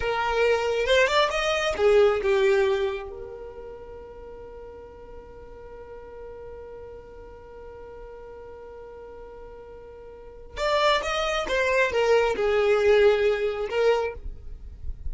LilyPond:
\new Staff \with { instrumentName = "violin" } { \time 4/4 \tempo 4 = 136 ais'2 c''8 d''8 dis''4 | gis'4 g'2 ais'4~ | ais'1~ | ais'1~ |
ais'1~ | ais'1 | d''4 dis''4 c''4 ais'4 | gis'2. ais'4 | }